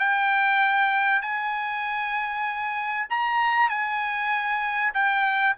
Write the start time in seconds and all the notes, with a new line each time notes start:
0.00 G5
1.22 G#5
3.10 A#5
3.70 G#5
4.94 G5